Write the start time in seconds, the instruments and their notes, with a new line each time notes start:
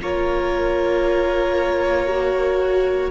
0.00 cello A#3, viola F4, violin A#4 C#5
2.07 viola F#4